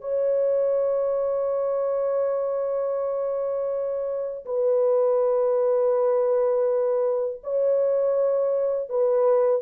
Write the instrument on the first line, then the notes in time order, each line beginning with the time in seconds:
horn
0.00 C#5
4.45 B4
7.43 C#5
8.89 B4